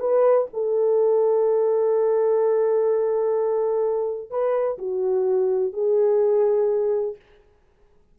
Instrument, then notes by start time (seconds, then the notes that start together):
horn
0.00 B4
0.53 A4
4.30 B4
4.78 F#4
5.73 G#4